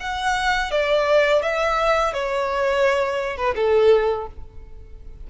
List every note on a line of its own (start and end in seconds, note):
0.00 0.71 F#5
0.71 1.42 D5
1.42 2.14 E5
2.14 3.37 C#5
3.37 3.55 B4
3.56 4.27 A4